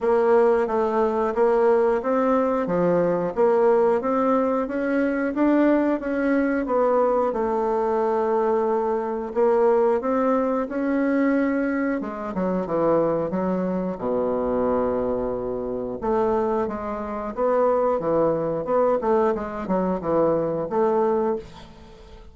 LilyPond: \new Staff \with { instrumentName = "bassoon" } { \time 4/4 \tempo 4 = 90 ais4 a4 ais4 c'4 | f4 ais4 c'4 cis'4 | d'4 cis'4 b4 a4~ | a2 ais4 c'4 |
cis'2 gis8 fis8 e4 | fis4 b,2. | a4 gis4 b4 e4 | b8 a8 gis8 fis8 e4 a4 | }